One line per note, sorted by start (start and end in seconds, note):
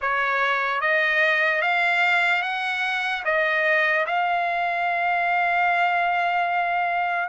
0.01 0.80 C#5
0.80 1.61 D#5
1.61 2.42 F5
2.42 3.23 F#5
3.24 4.05 D#5
4.06 7.28 F5